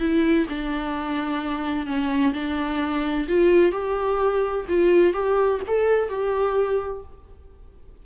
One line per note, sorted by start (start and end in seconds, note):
0.00 0.47 E4
0.49 1.86 D4
1.86 2.33 C#4
2.34 3.27 D4
3.29 3.72 F4
3.72 4.66 G4
4.69 5.13 F4
5.13 5.60 G4
5.67 6.09 A4
6.09 7.03 G4